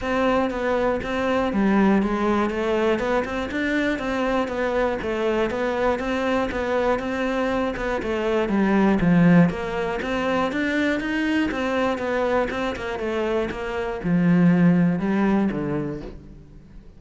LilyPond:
\new Staff \with { instrumentName = "cello" } { \time 4/4 \tempo 4 = 120 c'4 b4 c'4 g4 | gis4 a4 b8 c'8 d'4 | c'4 b4 a4 b4 | c'4 b4 c'4. b8 |
a4 g4 f4 ais4 | c'4 d'4 dis'4 c'4 | b4 c'8 ais8 a4 ais4 | f2 g4 d4 | }